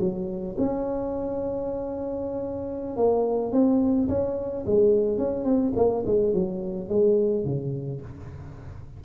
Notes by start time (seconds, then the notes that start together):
0.00 F#3
0.58 C#4
2.97 A#3
3.52 C4
4.09 C#4
4.66 G#3
5.18 C#4
5.45 C4
5.76 A#3
6.06 G#3
6.34 F#3
6.89 G#3
7.45 C#3